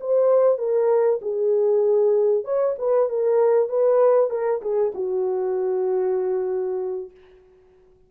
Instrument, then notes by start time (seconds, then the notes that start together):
horn
0.00 C5
0.57 A#4
1.21 G#4
2.44 C#5
2.78 B4
3.09 A#4
3.68 B4
4.30 A#4
4.61 G#4
4.94 F#4